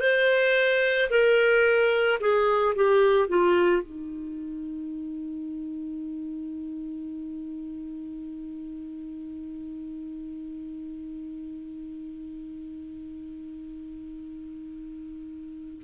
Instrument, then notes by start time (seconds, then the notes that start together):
clarinet
0.00 C5
1.10 A#4
2.20 G#4
2.75 G4
3.28 F4
3.82 D#4